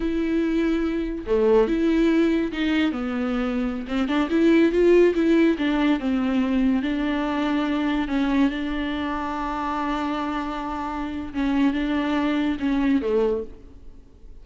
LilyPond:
\new Staff \with { instrumentName = "viola" } { \time 4/4 \tempo 4 = 143 e'2. a4 | e'2 dis'4 b4~ | b4~ b16 c'8 d'8 e'4 f'8.~ | f'16 e'4 d'4 c'4.~ c'16~ |
c'16 d'2. cis'8.~ | cis'16 d'2.~ d'8.~ | d'2. cis'4 | d'2 cis'4 a4 | }